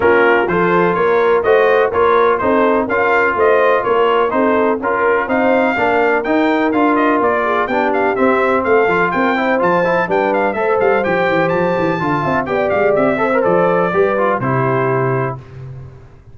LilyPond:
<<
  \new Staff \with { instrumentName = "trumpet" } { \time 4/4 \tempo 4 = 125 ais'4 c''4 cis''4 dis''4 | cis''4 c''4 f''4 dis''4 | cis''4 c''4 ais'4 f''4~ | f''4 g''4 f''8 dis''8 d''4 |
g''8 f''8 e''4 f''4 g''4 | a''4 g''8 f''8 e''8 f''8 g''4 | a''2 g''8 f''8 e''4 | d''2 c''2 | }
  \new Staff \with { instrumentName = "horn" } { \time 4/4 f'4 a'4 ais'4 c''4 | ais'4 a'4 ais'4 c''4 | ais'4 a'4 ais'4 c''4 | ais'2.~ ais'8 gis'8 |
g'2 a'4 ais'8 c''8~ | c''4 b'4 c''2~ | c''4 f''8 e''8 d''4. c''8~ | c''4 b'4 g'2 | }
  \new Staff \with { instrumentName = "trombone" } { \time 4/4 cis'4 f'2 fis'4 | f'4 dis'4 f'2~ | f'4 dis'4 f'4 dis'4 | d'4 dis'4 f'2 |
d'4 c'4. f'4 e'8 | f'8 e'8 d'4 a'4 g'4~ | g'4 f'4 g'4. a'16 ais'16 | a'4 g'8 f'8 e'2 | }
  \new Staff \with { instrumentName = "tuba" } { \time 4/4 ais4 f4 ais4 a4 | ais4 c'4 cis'4 a4 | ais4 c'4 cis'4 c'4 | ais4 dis'4 d'4 ais4 |
b4 c'4 a8 f8 c'4 | f4 g4 a8 g8 f8 e8 | f8 e8 d8 c'8 b8 gis8 c'4 | f4 g4 c2 | }
>>